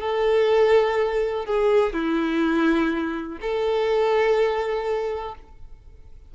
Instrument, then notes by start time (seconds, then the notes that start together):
violin
0.00 A4
1.45 G#4
1.93 E4
3.41 A4